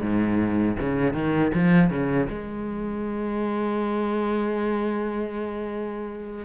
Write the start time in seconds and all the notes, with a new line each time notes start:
0.00 G#2
0.79 C#3
1.13 D#3
1.54 F3
1.90 C#3
2.29 G#3